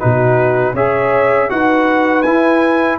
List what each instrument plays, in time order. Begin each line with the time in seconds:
0.00 tuba B2, trombone D#4, horn F#4, trumpet B4
0.74 tuba C#4, trombone G#4, horn C#5, trumpet E5
1.49 tuba D#4, trombone F#4, horn B4, trumpet F#5
2.23 tuba E4, trombone E4, trumpet G#5